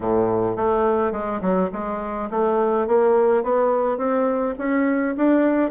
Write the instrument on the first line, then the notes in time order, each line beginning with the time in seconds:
bassoon
0.00 A2
0.56 A3
1.11 G#3
1.41 F#3
1.72 G#3
2.30 A3
2.87 A#3
3.43 B3
3.97 C4
4.58 C#4
5.16 D4